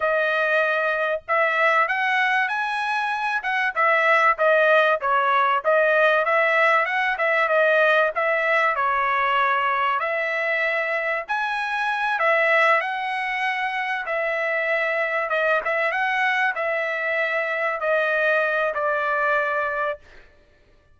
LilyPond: \new Staff \with { instrumentName = "trumpet" } { \time 4/4 \tempo 4 = 96 dis''2 e''4 fis''4 | gis''4. fis''8 e''4 dis''4 | cis''4 dis''4 e''4 fis''8 e''8 | dis''4 e''4 cis''2 |
e''2 gis''4. e''8~ | e''8 fis''2 e''4.~ | e''8 dis''8 e''8 fis''4 e''4.~ | e''8 dis''4. d''2 | }